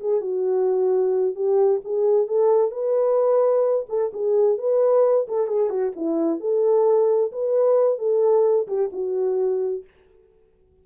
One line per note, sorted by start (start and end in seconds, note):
0.00 0.21 G#4
0.21 1.35 F#4
1.35 1.81 G4
1.84 2.27 G#4
2.27 2.71 A4
2.71 3.86 B4
3.89 4.12 A4
4.13 4.58 G#4
4.58 5.27 B4
5.28 5.47 A4
5.47 5.70 G#4
5.70 5.93 F#4
5.96 6.40 E4
6.40 7.32 A4
7.32 7.98 B4
7.98 8.67 A4
8.68 8.90 G4
8.93 9.84 F#4